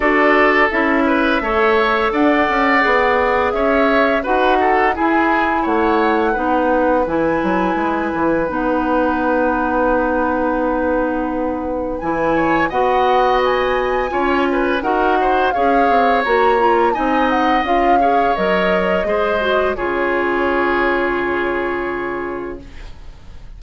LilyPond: <<
  \new Staff \with { instrumentName = "flute" } { \time 4/4 \tempo 4 = 85 d''4 e''2 fis''4~ | fis''4 e''4 fis''4 gis''4 | fis''2 gis''2 | fis''1~ |
fis''4 gis''4 fis''4 gis''4~ | gis''4 fis''4 f''4 ais''4 | gis''8 fis''8 f''4 dis''2 | cis''1 | }
  \new Staff \with { instrumentName = "oboe" } { \time 4/4 a'4. b'8 cis''4 d''4~ | d''4 cis''4 b'8 a'8 gis'4 | cis''4 b'2.~ | b'1~ |
b'4. cis''8 dis''2 | cis''8 b'8 ais'8 c''8 cis''2 | dis''4. cis''4. c''4 | gis'1 | }
  \new Staff \with { instrumentName = "clarinet" } { \time 4/4 fis'4 e'4 a'2 | gis'2 fis'4 e'4~ | e'4 dis'4 e'2 | dis'1~ |
dis'4 e'4 fis'2 | f'4 fis'4 gis'4 fis'8 f'8 | dis'4 f'8 gis'8 ais'4 gis'8 fis'8 | f'1 | }
  \new Staff \with { instrumentName = "bassoon" } { \time 4/4 d'4 cis'4 a4 d'8 cis'8 | b4 cis'4 dis'4 e'4 | a4 b4 e8 fis8 gis8 e8 | b1~ |
b4 e4 b2 | cis'4 dis'4 cis'8 c'8 ais4 | c'4 cis'4 fis4 gis4 | cis1 | }
>>